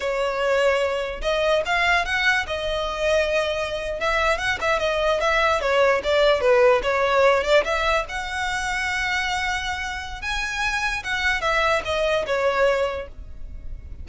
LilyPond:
\new Staff \with { instrumentName = "violin" } { \time 4/4 \tempo 4 = 147 cis''2. dis''4 | f''4 fis''4 dis''2~ | dis''4.~ dis''16 e''4 fis''8 e''8 dis''16~ | dis''8. e''4 cis''4 d''4 b'16~ |
b'8. cis''4. d''8 e''4 fis''16~ | fis''1~ | fis''4 gis''2 fis''4 | e''4 dis''4 cis''2 | }